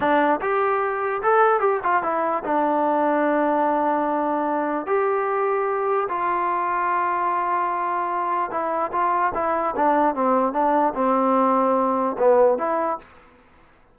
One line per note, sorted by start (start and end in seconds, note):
0.00 0.40 D4
0.41 1.22 G4
1.22 1.60 A4
1.60 1.80 G4
1.83 2.02 F4
2.02 2.43 E4
2.44 4.86 D4
4.86 6.08 G4
6.08 8.50 F4
8.50 8.91 E4
8.92 9.32 F4
9.34 9.74 E4
9.76 10.14 D4
10.14 10.53 C4
10.53 10.93 D4
10.94 12.16 C4
12.18 12.58 B3
12.58 12.98 E4